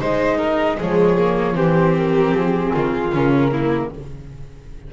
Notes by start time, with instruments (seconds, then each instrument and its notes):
0.00 double bass G#3, viola D#4, violin C5, flute D#5
0.38 violin A#4
0.78 double bass F3, viola G#3, violin G#4, flute C#5
1.18 viola A#3
1.54 double bass E3, viola C4, violin G4, flute C5
1.98 flute A#4
2.31 double bass F3, flute G#4
2.73 double bass D#3, violin F4
3.12 double bass C#3, viola C#4, flute A#4
3.52 viola A#3, violin E4